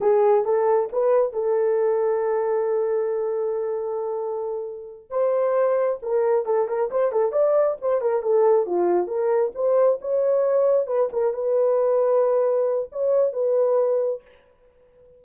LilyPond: \new Staff \with { instrumentName = "horn" } { \time 4/4 \tempo 4 = 135 gis'4 a'4 b'4 a'4~ | a'1~ | a'2.~ a'8 c''8~ | c''4. ais'4 a'8 ais'8 c''8 |
a'8 d''4 c''8 ais'8 a'4 f'8~ | f'8 ais'4 c''4 cis''4.~ | cis''8 b'8 ais'8 b'2~ b'8~ | b'4 cis''4 b'2 | }